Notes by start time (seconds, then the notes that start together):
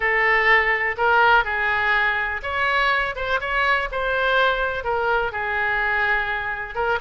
0.00 A4
0.97 A#4
1.44 G#4
2.42 C#5
3.15 C5
3.40 C#5
3.91 C5
4.84 A#4
5.32 G#4
6.74 A#4